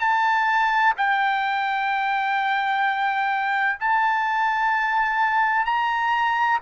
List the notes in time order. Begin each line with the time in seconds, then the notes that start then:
0.00 A5
0.98 G5
3.80 A5
5.65 A#5